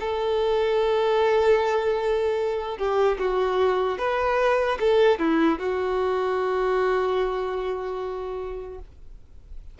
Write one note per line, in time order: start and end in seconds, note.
0.00 2.78 A4
2.78 3.18 G4
3.19 3.99 F#4
3.99 4.79 B4
4.80 5.19 A4
5.19 5.59 E4
5.59 8.79 F#4